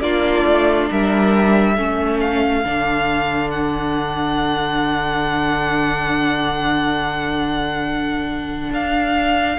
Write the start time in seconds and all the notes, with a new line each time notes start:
0.00 A#3 D4 F4 D5
0.46 A3
0.90 G3 A#4 E5
1.74 A3 C#4 A4
2.20 F5
2.64 D3 D4
3.50 F#5
8.71 D4 F5